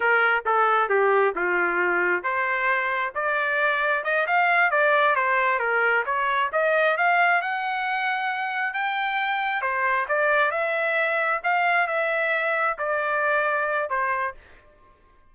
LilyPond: \new Staff \with { instrumentName = "trumpet" } { \time 4/4 \tempo 4 = 134 ais'4 a'4 g'4 f'4~ | f'4 c''2 d''4~ | d''4 dis''8 f''4 d''4 c''8~ | c''8 ais'4 cis''4 dis''4 f''8~ |
f''8 fis''2. g''8~ | g''4. c''4 d''4 e''8~ | e''4. f''4 e''4.~ | e''8 d''2~ d''8 c''4 | }